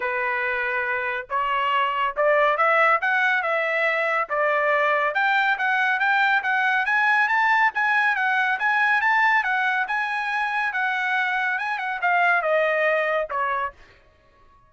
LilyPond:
\new Staff \with { instrumentName = "trumpet" } { \time 4/4 \tempo 4 = 140 b'2. cis''4~ | cis''4 d''4 e''4 fis''4 | e''2 d''2 | g''4 fis''4 g''4 fis''4 |
gis''4 a''4 gis''4 fis''4 | gis''4 a''4 fis''4 gis''4~ | gis''4 fis''2 gis''8 fis''8 | f''4 dis''2 cis''4 | }